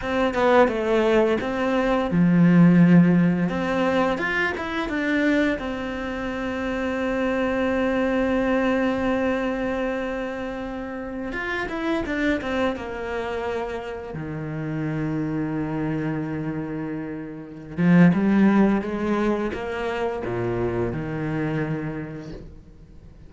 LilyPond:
\new Staff \with { instrumentName = "cello" } { \time 4/4 \tempo 4 = 86 c'8 b8 a4 c'4 f4~ | f4 c'4 f'8 e'8 d'4 | c'1~ | c'1~ |
c'16 f'8 e'8 d'8 c'8 ais4.~ ais16~ | ais16 dis2.~ dis8.~ | dis4. f8 g4 gis4 | ais4 ais,4 dis2 | }